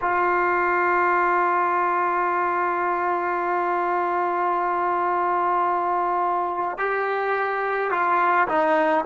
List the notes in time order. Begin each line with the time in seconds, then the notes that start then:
0.01 F4
6.78 G4
7.90 F4
8.48 D#4